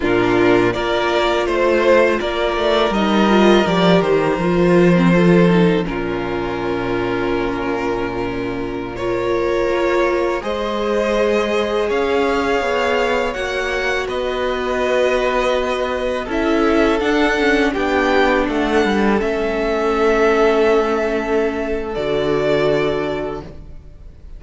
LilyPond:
<<
  \new Staff \with { instrumentName = "violin" } { \time 4/4 \tempo 4 = 82 ais'4 d''4 c''4 d''4 | dis''4 d''8 c''2~ c''8 | ais'1~ | ais'16 cis''2 dis''4.~ dis''16~ |
dis''16 f''2 fis''4 dis''8.~ | dis''2~ dis''16 e''4 fis''8.~ | fis''16 g''4 fis''4 e''4.~ e''16~ | e''2 d''2 | }
  \new Staff \with { instrumentName = "violin" } { \time 4/4 f'4 ais'4 c''4 ais'4~ | ais'2. a'4 | f'1~ | f'16 ais'2 c''4.~ c''16~ |
c''16 cis''2. b'8.~ | b'2~ b'16 a'4.~ a'16~ | a'16 g'4 a'2~ a'8.~ | a'1 | }
  \new Staff \with { instrumentName = "viola" } { \time 4/4 d'4 f'2. | dis'8 f'8 g'4 f'8. c'16 f'8 dis'8 | cis'1~ | cis'16 f'2 gis'4.~ gis'16~ |
gis'2~ gis'16 fis'4.~ fis'16~ | fis'2~ fis'16 e'4 d'8 cis'16~ | cis'16 d'2 cis'4.~ cis'16~ | cis'2 fis'2 | }
  \new Staff \with { instrumentName = "cello" } { \time 4/4 ais,4 ais4 a4 ais8 a8 | g4 f8 dis8 f2 | ais,1~ | ais,4~ ais,16 ais4 gis4.~ gis16~ |
gis16 cis'4 b4 ais4 b8.~ | b2~ b16 cis'4 d'8.~ | d'16 b4 a8 g8 a4.~ a16~ | a2 d2 | }
>>